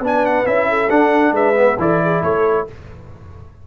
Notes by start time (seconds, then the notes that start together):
0.00 B3 D4 B4
0.06 G#5
0.26 F#5
0.44 C#4 E4 E5
0.69 A4
0.90 D4 F#5
1.31 G#3 B4 E5
1.55 B3
1.78 E3 E4 A4 D5
2.03 G#4
2.22 A3 A4 C#5